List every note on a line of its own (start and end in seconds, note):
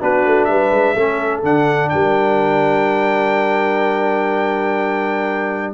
0.00 0.25 B3
0.00 0.96 D4
0.00 0.48 F#4
0.00 0.44 B4
0.25 0.48 A3
0.44 0.70 G3
0.44 0.95 B4
0.44 1.40 E5
0.70 0.94 G#3
0.95 1.43 A3
0.95 1.43 C#4
0.95 1.91 A4
1.43 1.91 D3
1.43 5.74 D4
1.43 1.89 F#5
1.89 5.74 G3
1.89 5.74 A#4
1.89 5.73 G5